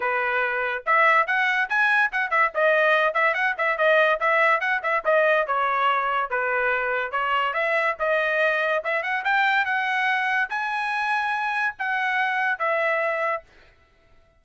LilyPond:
\new Staff \with { instrumentName = "trumpet" } { \time 4/4 \tempo 4 = 143 b'2 e''4 fis''4 | gis''4 fis''8 e''8 dis''4. e''8 | fis''8 e''8 dis''4 e''4 fis''8 e''8 | dis''4 cis''2 b'4~ |
b'4 cis''4 e''4 dis''4~ | dis''4 e''8 fis''8 g''4 fis''4~ | fis''4 gis''2. | fis''2 e''2 | }